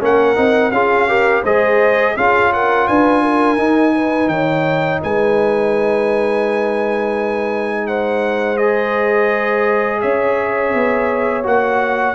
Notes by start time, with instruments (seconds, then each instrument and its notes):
0.00 tuba A#3, trombone C#4, horn A#4, trumpet F#5
0.36 tuba C4, trombone D#4
0.71 tuba C#4, trombone F4, horn G#4, trumpet F5
1.08 trombone G4, horn A#4
1.43 tuba G#3, trombone G#4, horn C5, trumpet D#5
2.16 tuba C#4, trombone F4, horn G#4, trumpet F5
2.53 horn A#4, trumpet F#5
2.87 tuba D4, horn B4, trumpet G#5
3.23 horn A#4
3.57 trombone D#4, tuba D#4
3.95 horn B4
4.27 tuba D#3, horn C#5, trumpet G5
5.02 tuba G#3, horn B4, trumpet G#5
7.87 horn C5, trumpet F#5
8.57 trombone G#4, trumpet D#5
10.01 tuba C#4, horn C#5, trumpet E5
10.74 tuba B3
11.43 tuba A#3, trombone F#4, trumpet F#5